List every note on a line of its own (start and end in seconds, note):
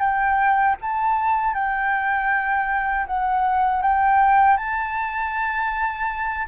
0.00 0.76 G5
0.81 1.54 A5
1.54 3.06 G5
3.07 3.82 F#5
3.82 4.57 G5
4.57 6.47 A5